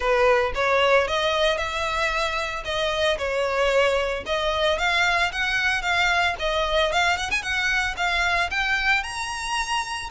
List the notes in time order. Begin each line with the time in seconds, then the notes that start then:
0.00 B4
0.54 C#5
1.07 D#5
1.57 E5
2.64 D#5
3.17 C#5
4.26 D#5
4.78 F5
5.31 F#5
5.82 F5
6.39 D#5
6.92 F5
7.17 F#5
7.31 G#5
7.42 F#5
7.96 F5
8.50 G5
9.03 A#5